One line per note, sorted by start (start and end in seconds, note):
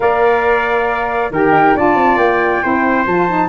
0.00 1.30 A#3
0.00 1.31 A#4
0.00 1.32 D5
0.00 1.31 F5
1.30 1.51 D#3
1.30 1.75 G4
1.30 1.76 A#4
1.30 1.77 G5
1.51 1.73 D#4
1.74 1.94 D4
1.74 2.62 F4
1.74 2.63 D5
1.74 2.17 A5
1.94 2.16 C4
2.16 2.60 A#3
2.16 3.05 G5
2.62 3.06 C4
2.62 3.06 E4
2.62 3.48 C5
3.06 3.48 F3
3.06 3.28 F4
3.06 3.48 A5
3.28 3.48 D#4